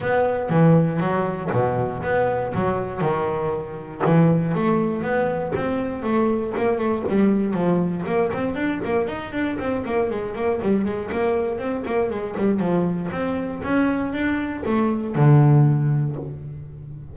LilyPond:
\new Staff \with { instrumentName = "double bass" } { \time 4/4 \tempo 4 = 119 b4 e4 fis4 b,4 | b4 fis4 dis2 | e4 a4 b4 c'4 | a4 ais8 a8 g4 f4 |
ais8 c'8 d'8 ais8 dis'8 d'8 c'8 ais8 | gis8 ais8 g8 gis8 ais4 c'8 ais8 | gis8 g8 f4 c'4 cis'4 | d'4 a4 d2 | }